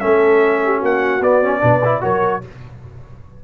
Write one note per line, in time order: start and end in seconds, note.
0.00 0.82 A3
0.00 1.21 C#4
0.00 0.61 A4
0.00 0.81 E5
0.64 0.78 G4
0.78 1.21 A#3
0.78 1.59 F#4
0.85 1.23 F#5
1.21 1.61 B3
1.21 1.43 B3
1.21 2.03 D5
1.43 1.60 C#4
1.60 2.03 B2
1.60 1.80 D4
1.60 2.02 B4
1.85 2.01 E4
2.01 2.44 F#3
2.01 2.41 F#4
2.01 2.43 A#4
2.01 2.43 C#5